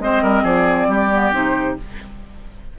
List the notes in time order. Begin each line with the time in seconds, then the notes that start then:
0.00 G#3 C4 C5 D#5
0.23 G3 A#4
0.43 F3 G#4 D5
0.88 G3 G4
1.12 B3
1.33 C3 D#4 C5